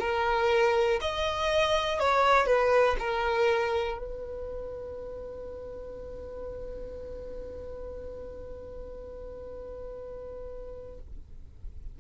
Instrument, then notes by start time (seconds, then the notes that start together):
violin
0.00 A#4
1.01 D#5
2.00 C#5
2.46 B4
2.99 A#4
3.99 B4